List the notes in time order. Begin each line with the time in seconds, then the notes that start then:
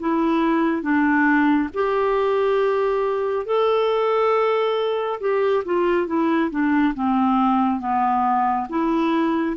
0.00 E4
0.83 D4
1.74 G4
3.46 A4
5.21 G4
5.66 F4
6.08 E4
6.51 D4
6.95 C4
7.80 B3
8.70 E4